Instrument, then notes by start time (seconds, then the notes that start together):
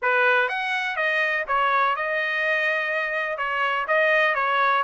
trumpet
0.02 B4
0.49 F#5
0.96 D#5
1.47 C#5
1.96 D#5
3.37 C#5
3.87 D#5
4.34 C#5